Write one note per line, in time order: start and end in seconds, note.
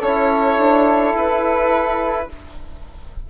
0.00 0.58 C#4
0.00 2.29 E4
0.00 2.26 A4
0.00 1.15 C#5
0.58 1.14 D4
1.15 2.29 E4
1.15 2.30 B4